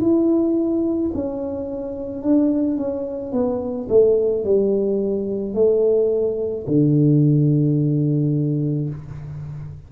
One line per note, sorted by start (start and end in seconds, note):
0.00 1.11 E4
1.14 2.22 C#4
2.22 2.77 D4
2.77 3.32 C#4
3.32 3.88 B3
3.89 4.44 A3
4.44 5.54 G3
5.54 6.65 A3
6.67 8.89 D3